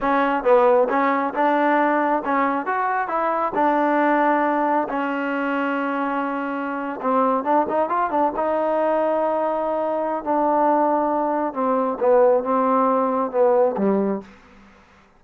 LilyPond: \new Staff \with { instrumentName = "trombone" } { \time 4/4 \tempo 4 = 135 cis'4 b4 cis'4 d'4~ | d'4 cis'4 fis'4 e'4 | d'2. cis'4~ | cis'2.~ cis'8. c'16~ |
c'8. d'8 dis'8 f'8 d'8 dis'4~ dis'16~ | dis'2. d'4~ | d'2 c'4 b4 | c'2 b4 g4 | }